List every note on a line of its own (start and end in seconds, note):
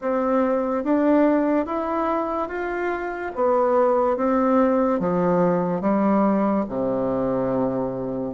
0.01 0.83 C4
0.83 1.66 D4
1.66 2.48 E4
2.48 3.31 F4
3.35 4.17 B3
4.17 4.99 C4
4.99 5.81 F3
5.81 6.64 G3
6.68 8.34 C3